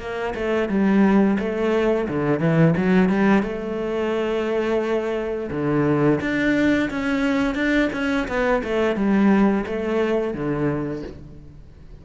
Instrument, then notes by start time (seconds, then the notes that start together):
cello
0.00 A#3
0.35 A3
0.69 G3
1.39 A3
2.09 D3
2.40 E3
2.77 F#3
3.10 G3
3.43 A3
5.51 D3
6.21 D4
6.91 C#4
7.55 D4
7.93 C#4
8.29 B3
8.64 A3
8.97 G3
9.67 A3
10.34 D3